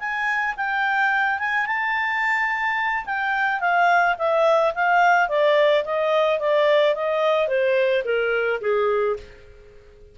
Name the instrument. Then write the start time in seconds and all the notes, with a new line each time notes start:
clarinet
0.00 G#5
0.57 G5
1.39 G#5
1.66 A5
3.06 G5
3.61 F5
4.19 E5
4.75 F5
5.29 D5
5.85 D#5
6.40 D5
6.95 D#5
7.48 C5
8.05 A#4
8.61 G#4